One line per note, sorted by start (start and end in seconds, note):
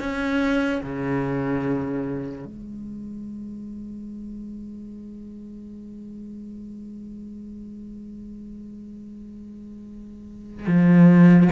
0.00 0.82 C#4
0.83 2.45 C#3
2.45 10.67 G#3
10.67 11.50 F3